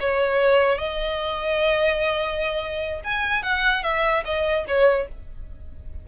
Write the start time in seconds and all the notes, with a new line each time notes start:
0.00 C#5
0.78 D#5
3.04 G#5
3.43 F#5
3.83 E5
4.25 D#5
4.67 C#5